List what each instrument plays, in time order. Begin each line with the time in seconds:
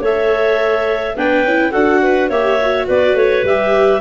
0.00 tuba A3, viola A4, clarinet C#5 E5
1.15 tuba B3, viola D4, clarinet B4 G5
1.44 tuba C#4, viola E4
1.71 tuba D4, viola F#4, clarinet A4 F#5
2.02 clarinet B4
2.29 tuba A#3, viola G4, clarinet C#5 E5
2.61 viola F#4
2.87 tuba B3, clarinet B4 D5
3.14 tuba A3, clarinet C#5
3.43 tuba G3, viola G4, clarinet E5